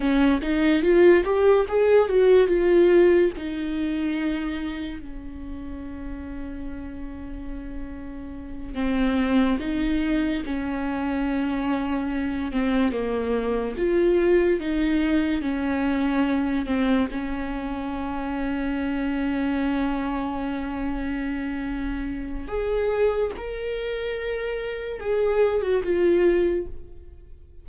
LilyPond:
\new Staff \with { instrumentName = "viola" } { \time 4/4 \tempo 4 = 72 cis'8 dis'8 f'8 g'8 gis'8 fis'8 f'4 | dis'2 cis'2~ | cis'2~ cis'8 c'4 dis'8~ | dis'8 cis'2~ cis'8 c'8 ais8~ |
ais8 f'4 dis'4 cis'4. | c'8 cis'2.~ cis'8~ | cis'2. gis'4 | ais'2 gis'8. fis'16 f'4 | }